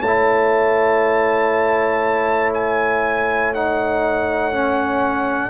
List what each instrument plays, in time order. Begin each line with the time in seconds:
0.00 tuba A3, horn C#5, trumpet A5
0.06 trombone E4
2.54 trumpet G#5
3.54 trombone D#4, trumpet F#5
4.53 trombone C#4